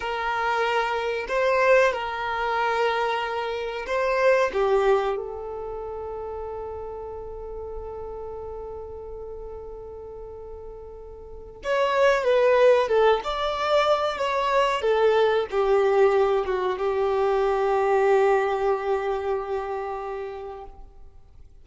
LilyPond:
\new Staff \with { instrumentName = "violin" } { \time 4/4 \tempo 4 = 93 ais'2 c''4 ais'4~ | ais'2 c''4 g'4 | a'1~ | a'1~ |
a'2 cis''4 b'4 | a'8 d''4. cis''4 a'4 | g'4. fis'8 g'2~ | g'1 | }